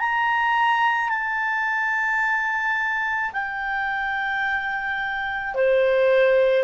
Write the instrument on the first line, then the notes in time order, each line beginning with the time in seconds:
clarinet
0.00 A#5
1.10 A5
3.33 G5
5.55 C5